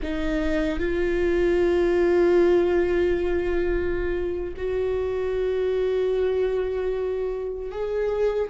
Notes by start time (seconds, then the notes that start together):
0.02 D#4
0.79 F4
4.56 F#4
7.72 G#4